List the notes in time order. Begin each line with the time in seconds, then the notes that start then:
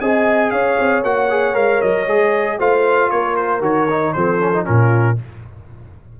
0.00 C4 G#4 D#5 G#5
0.50 C#4 C#5 F5
0.78 C4
1.02 A#3 F#4 F#5
1.30 G#4
1.53 G#3 A#4 F5
1.81 F#3 D#5
2.06 G#3 G#4
2.59 A3 F4 C5 F5
3.10 A#3 A#4 C#5
3.36 C5
3.60 D#3 F#4 C#5
3.90 D#4
4.12 F3 C4 A4 C5
4.40 C#4
4.53 D#4
4.64 A#2 C#4 F4 A#4